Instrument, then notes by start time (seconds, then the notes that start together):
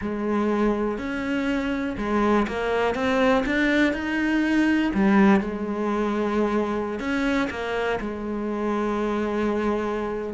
cello
0.01 G#3
0.97 C#4
1.97 G#3
2.47 A#3
2.95 C4
3.46 D4
3.93 D#4
4.94 G3
5.40 G#3
6.99 C#4
7.50 A#3
8.00 G#3